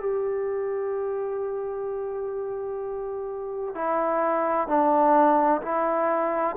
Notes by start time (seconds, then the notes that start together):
0.00 G4
3.75 E4
4.67 D4
5.62 E4